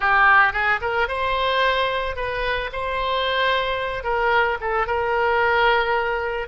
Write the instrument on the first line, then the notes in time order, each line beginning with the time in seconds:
oboe
0.00 G4
0.53 G#4
0.81 A#4
1.08 C5
2.16 B4
2.72 C5
4.03 A#4
4.60 A4
4.86 A#4